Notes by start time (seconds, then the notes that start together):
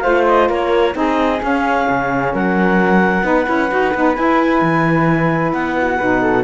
0.00 A3 F4 C5 F5
0.27 D#5
0.49 A#3 A#4 C#5
0.93 C4 D#4 G#4 D#5
1.41 C#4 F5
1.89 C#3
2.34 F#3 A#4 F#5
3.23 B3 D#4 B4
3.46 C#4 E4
3.70 D#4 F#4
3.95 B3 D#4
4.16 E4 G#5
4.62 E3
5.53 B3 F#5
5.77 F#4
5.98 B2 D#4 B4
6.22 A4